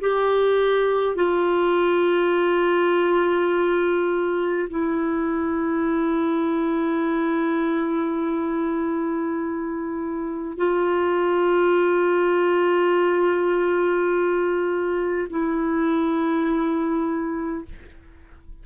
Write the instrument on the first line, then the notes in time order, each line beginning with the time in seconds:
clarinet
0.00 G4
1.15 F4
4.69 E4
10.57 F4
15.29 E4